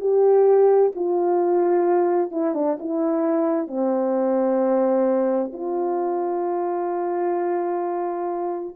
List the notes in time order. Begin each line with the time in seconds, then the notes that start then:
0.00 G4
0.95 F4
2.32 E4
2.55 D4
2.80 E4
3.67 C4
5.53 F4